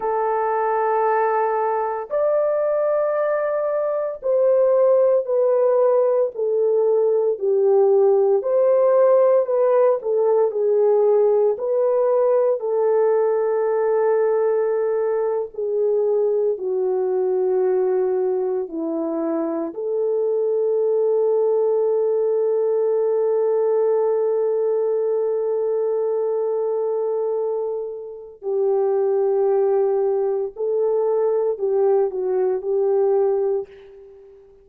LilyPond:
\new Staff \with { instrumentName = "horn" } { \time 4/4 \tempo 4 = 57 a'2 d''2 | c''4 b'4 a'4 g'4 | c''4 b'8 a'8 gis'4 b'4 | a'2~ a'8. gis'4 fis'16~ |
fis'4.~ fis'16 e'4 a'4~ a'16~ | a'1~ | a'2. g'4~ | g'4 a'4 g'8 fis'8 g'4 | }